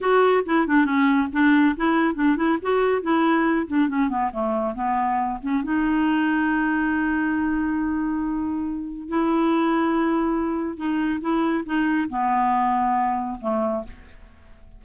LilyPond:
\new Staff \with { instrumentName = "clarinet" } { \time 4/4 \tempo 4 = 139 fis'4 e'8 d'8 cis'4 d'4 | e'4 d'8 e'8 fis'4 e'4~ | e'8 d'8 cis'8 b8 a4 b4~ | b8 cis'8 dis'2.~ |
dis'1~ | dis'4 e'2.~ | e'4 dis'4 e'4 dis'4 | b2. a4 | }